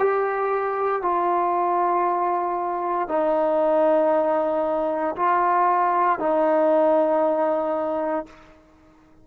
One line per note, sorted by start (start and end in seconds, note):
0.00 1.03 G4
1.03 3.09 F4
3.09 5.16 D#4
5.17 6.20 F4
6.20 8.27 D#4